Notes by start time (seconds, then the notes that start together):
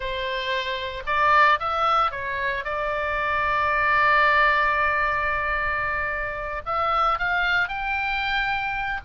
0.00 C5
1.06 D5
1.59 E5
2.11 C#5
2.64 D5
6.65 E5
7.19 F5
7.68 G5